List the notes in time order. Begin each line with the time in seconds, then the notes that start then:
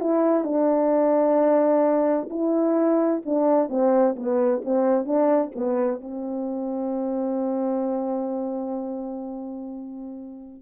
0.00 E4
0.44 D4
2.30 E4
3.26 D4
3.69 C4
4.16 B3
4.65 C4
5.05 D4
5.56 B3
6.01 C4